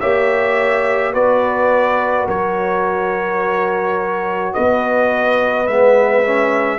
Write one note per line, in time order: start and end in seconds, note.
0.00 1.13 A#3
0.00 1.14 G4
0.00 1.13 C#5
0.00 1.13 E5
1.13 2.27 B3
1.13 5.67 F#4
1.13 2.26 B4
1.13 2.27 D5
2.26 4.54 F#3
2.26 4.53 A#4
2.26 4.54 C#5
4.54 5.67 B3
4.54 6.78 B4
4.54 5.67 D#5
5.67 6.78 G#3
5.67 6.24 B3
5.67 6.78 E5
6.24 6.78 C#4